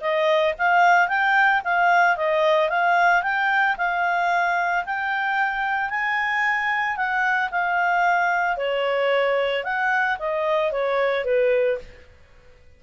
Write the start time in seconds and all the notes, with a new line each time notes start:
0.00 D#5
0.58 F5
1.08 G5
1.64 F5
2.16 D#5
2.69 F5
3.22 G5
3.77 F5
4.85 G5
5.89 G#5
6.96 F#5
7.51 F5
8.56 C#5
9.63 F#5
10.19 D#5
10.71 C#5
11.24 B4